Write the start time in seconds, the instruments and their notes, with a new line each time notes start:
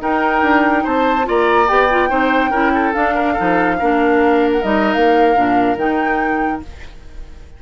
0.00 clarinet D#4, bassoon D#4, oboe A#4, flute G5
0.42 bassoon D4
0.84 bassoon C4, oboe C5, flute A5
1.24 bassoon A#3, clarinet F4, oboe D5, flute A#5
1.68 bassoon B3, clarinet G4, flute G5
1.90 clarinet F4
2.09 bassoon C4, clarinet D#4, oboe C5
2.51 bassoon C#4, clarinet E4, oboe A#4
2.74 oboe A4
2.94 clarinet D4, bassoon D4, flute F5
3.15 oboe A#4
3.33 clarinet D#4, oboe A4
3.40 bassoon F3
3.79 bassoon A#3, clarinet D4, oboe A#4
4.53 flute F#5
4.63 bassoon G3, clarinet D#4, flute D#5
4.94 bassoon A#3, flute F5
5.36 bassoon A#2, clarinet D4
5.77 bassoon D#3, clarinet D#4, flute G5